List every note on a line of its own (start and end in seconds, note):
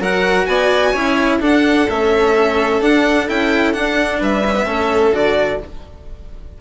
0.00 0.47 F#3
0.00 0.94 F#4
0.00 0.47 A#4
0.00 0.46 F#5
0.46 0.94 B3
0.46 0.92 D5
0.46 1.39 G#5
0.92 1.41 C#4
0.92 1.40 E4
0.92 1.38 C#5
1.40 1.87 D4
1.40 1.88 D4
1.40 4.19 A4
1.40 1.90 F#5
1.89 2.80 A3
1.89 2.81 C#4
1.89 2.82 E5
2.80 3.27 D4
2.80 3.28 D4
2.80 3.28 F#5
3.28 3.76 C#4
3.28 3.73 E4
3.28 3.73 G5
3.73 4.43 D4
3.73 4.21 D4
3.73 4.20 F#5
4.19 4.65 G3
4.19 4.66 B4
4.19 5.14 E5
4.46 4.55 C#4
4.55 4.66 B3
4.65 5.12 A3
4.65 5.12 C#4
4.65 5.59 A4
5.12 5.59 D3
5.12 5.58 F#4
5.12 5.61 D5